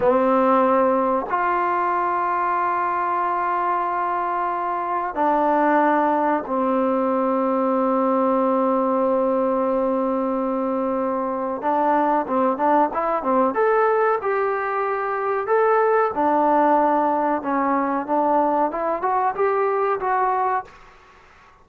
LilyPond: \new Staff \with { instrumentName = "trombone" } { \time 4/4 \tempo 4 = 93 c'2 f'2~ | f'1 | d'2 c'2~ | c'1~ |
c'2 d'4 c'8 d'8 | e'8 c'8 a'4 g'2 | a'4 d'2 cis'4 | d'4 e'8 fis'8 g'4 fis'4 | }